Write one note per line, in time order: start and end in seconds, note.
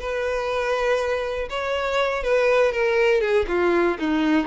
0.00 1.49 B4
1.50 2.23 C#5
2.23 2.72 B4
2.72 3.21 A#4
3.21 3.45 G#4
3.48 3.97 F4
3.99 4.47 D#4